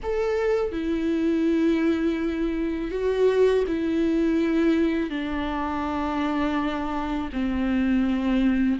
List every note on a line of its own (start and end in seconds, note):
0.02 0.72 A4
0.72 2.91 E4
2.91 3.64 F#4
3.67 5.10 E4
5.10 7.29 D4
7.32 8.79 C4